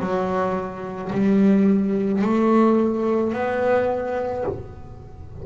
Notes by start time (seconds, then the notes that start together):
0.00 F#3
1.12 G3
2.22 A3
3.33 B3